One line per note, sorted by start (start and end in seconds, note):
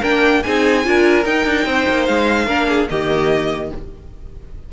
0.00 0.44 A#3
0.00 0.43 D4
0.00 0.41 A#4
0.00 0.43 G5
0.43 0.87 C4
0.43 0.84 D#4
0.43 0.87 G#4
0.43 1.25 G#5
0.84 1.26 D4
0.84 1.25 F4
0.84 1.67 A#4
1.25 1.46 D#4
1.25 2.47 D#4
1.25 2.06 G5
1.46 1.66 D4
1.66 1.86 C4
1.66 2.47 C5
1.89 2.08 A#3
2.06 2.47 G#3
2.06 2.87 F5
2.47 2.88 A#3
2.47 2.88 D4
2.47 2.67 A#4
2.69 2.89 G#4
2.90 3.72 D#3
2.90 3.71 A#3
2.90 3.73 G4
2.90 3.72 D#5